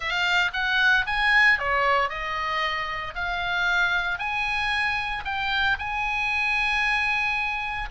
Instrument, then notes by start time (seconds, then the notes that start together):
oboe
0.00 F5
0.53 F#5
1.06 G#5
1.58 C#5
2.09 D#5
3.14 F5
4.18 G#5
5.24 G5
5.78 G#5